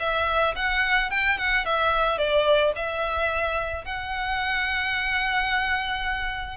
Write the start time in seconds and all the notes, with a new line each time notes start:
0.00 E5
0.56 F#5
1.11 G5
1.38 F#5
1.65 E5
2.18 D5
2.76 E5
3.85 F#5